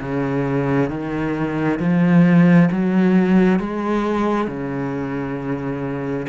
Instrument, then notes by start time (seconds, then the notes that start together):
cello
0.00 C#3
0.89 D#3
1.79 F3
2.71 F#3
3.59 G#3
4.47 C#3